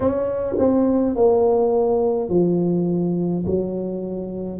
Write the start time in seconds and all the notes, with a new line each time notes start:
0.00 C#4
0.58 C4
1.15 A#3
2.29 F3
3.46 F#3